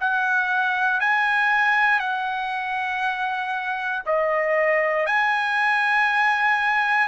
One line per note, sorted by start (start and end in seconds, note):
0.00 1.00 F#5
1.00 1.99 G#5
1.99 4.03 F#5
4.06 5.06 D#5
5.06 7.08 G#5